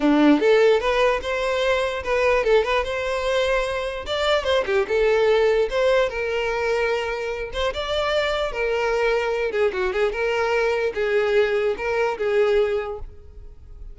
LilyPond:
\new Staff \with { instrumentName = "violin" } { \time 4/4 \tempo 4 = 148 d'4 a'4 b'4 c''4~ | c''4 b'4 a'8 b'8 c''4~ | c''2 d''4 c''8 g'8 | a'2 c''4 ais'4~ |
ais'2~ ais'8 c''8 d''4~ | d''4 ais'2~ ais'8 gis'8 | fis'8 gis'8 ais'2 gis'4~ | gis'4 ais'4 gis'2 | }